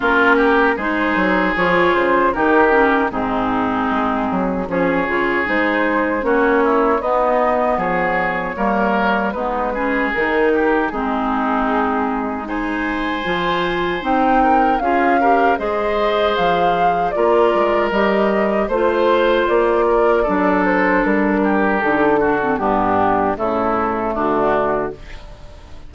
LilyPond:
<<
  \new Staff \with { instrumentName = "flute" } { \time 4/4 \tempo 4 = 77 ais'4 c''4 cis''8 c''8 ais'4 | gis'2 cis''4 c''4 | cis''4 dis''4 cis''2 | b'4 ais'4 gis'2 |
gis''2 g''4 f''4 | dis''4 f''4 d''4 dis''4 | c''4 d''4. c''8 ais'4 | a'4 g'4 a'4 fis'4 | }
  \new Staff \with { instrumentName = "oboe" } { \time 4/4 f'8 g'8 gis'2 g'4 | dis'2 gis'2 | fis'8 e'8 dis'4 gis'4 ais'4 | dis'8 gis'4 g'8 dis'2 |
c''2~ c''8 ais'8 gis'8 ais'8 | c''2 ais'2 | c''4. ais'8 a'4. g'8~ | g'8 fis'8 d'4 e'4 d'4 | }
  \new Staff \with { instrumentName = "clarinet" } { \time 4/4 cis'4 dis'4 f'4 dis'8 cis'8 | c'2 cis'8 f'8 dis'4 | cis'4 b2 ais4 | b8 cis'8 dis'4 c'2 |
dis'4 f'4 dis'4 f'8 g'8 | gis'2 f'4 g'4 | f'2 d'2 | dis'8 d'16 c'16 b4 a2 | }
  \new Staff \with { instrumentName = "bassoon" } { \time 4/4 ais4 gis8 fis8 f8 cis8 dis4 | gis,4 gis8 fis8 f8 cis8 gis4 | ais4 b4 f4 g4 | gis4 dis4 gis2~ |
gis4 f4 c'4 cis'4 | gis4 f4 ais8 gis8 g4 | a4 ais4 fis4 g4 | d4 g,4 cis4 d4 | }
>>